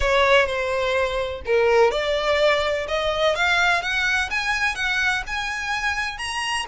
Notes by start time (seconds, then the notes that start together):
0.00 C#5
0.46 C5
1.45 A#4
1.91 D5
2.87 D#5
3.35 F5
3.82 F#5
4.30 G#5
4.75 F#5
5.26 G#5
6.18 A#5